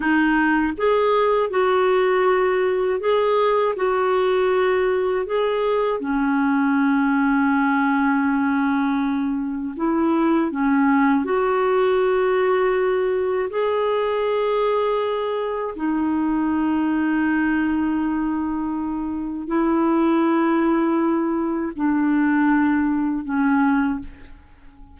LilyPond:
\new Staff \with { instrumentName = "clarinet" } { \time 4/4 \tempo 4 = 80 dis'4 gis'4 fis'2 | gis'4 fis'2 gis'4 | cis'1~ | cis'4 e'4 cis'4 fis'4~ |
fis'2 gis'2~ | gis'4 dis'2.~ | dis'2 e'2~ | e'4 d'2 cis'4 | }